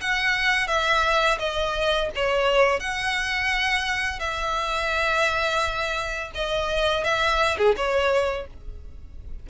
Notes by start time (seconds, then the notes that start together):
0.00 F#5
0.67 E5
1.39 D#5
2.15 C#5
2.79 F#5
4.19 E5
6.34 D#5
7.04 E5
7.57 G#4
7.76 C#5